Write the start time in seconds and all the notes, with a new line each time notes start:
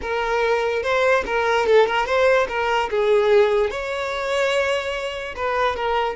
0.01 A#4
0.82 C5
1.26 A#4
1.66 A4
1.86 A#4
2.06 C5
2.48 A#4
2.90 G#4
3.70 C#5
5.35 B4
5.76 A#4